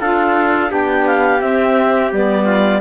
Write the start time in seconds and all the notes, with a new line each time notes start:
0.00 D4 F4 A4 F5
0.68 B3 D4 G4 G5
1.07 F5
1.40 C4 E5
2.12 G3 B3 D5
2.46 F4